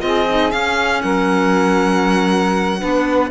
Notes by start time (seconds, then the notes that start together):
0.00 C4 F4 G#4 D#5
0.29 D#4
0.51 C#4 F5
1.01 F#3 A#4 F#5
2.79 B3 D4 B4